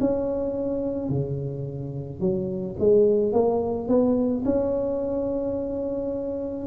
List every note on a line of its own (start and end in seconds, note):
0.00 1.10 C#4
1.10 2.20 C#3
2.20 2.76 F#3
2.79 3.32 G#3
3.32 3.88 A#3
3.88 4.44 B3
4.45 6.67 C#4